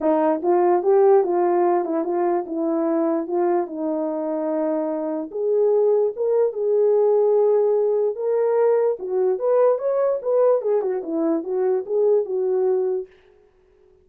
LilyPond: \new Staff \with { instrumentName = "horn" } { \time 4/4 \tempo 4 = 147 dis'4 f'4 g'4 f'4~ | f'8 e'8 f'4 e'2 | f'4 dis'2.~ | dis'4 gis'2 ais'4 |
gis'1 | ais'2 fis'4 b'4 | cis''4 b'4 gis'8 fis'8 e'4 | fis'4 gis'4 fis'2 | }